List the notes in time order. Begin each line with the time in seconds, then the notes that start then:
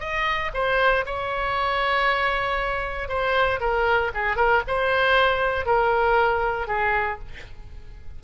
0.00 D#5
0.54 C5
1.06 C#5
3.09 C5
3.60 A#4
4.14 G#4
4.36 A#4
4.67 C5
5.66 A#4
6.68 G#4